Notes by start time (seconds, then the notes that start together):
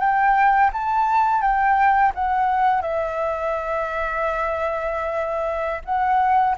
0.00 G5
0.73 A5
1.41 G5
2.15 F#5
2.82 E5
5.85 F#5